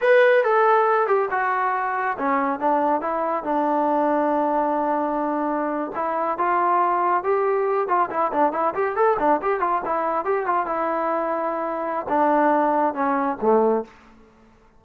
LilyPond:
\new Staff \with { instrumentName = "trombone" } { \time 4/4 \tempo 4 = 139 b'4 a'4. g'8 fis'4~ | fis'4 cis'4 d'4 e'4 | d'1~ | d'4.~ d'16 e'4 f'4~ f'16~ |
f'8. g'4. f'8 e'8 d'8 e'16~ | e'16 g'8 a'8 d'8 g'8 f'8 e'4 g'16~ | g'16 f'8 e'2.~ e'16 | d'2 cis'4 a4 | }